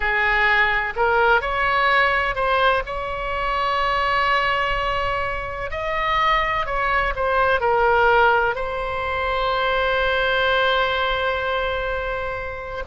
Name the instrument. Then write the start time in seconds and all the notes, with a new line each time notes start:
oboe
0.00 G#4
0.96 A#4
1.41 C#5
2.35 C5
2.86 C#5
5.71 D#5
6.66 C#5
7.15 C5
7.60 A#4
8.55 C5